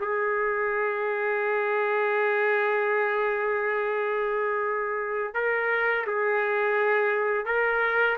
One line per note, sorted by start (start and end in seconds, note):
0.00 5.34 G#4
5.34 6.06 A#4
6.06 7.45 G#4
7.45 8.17 A#4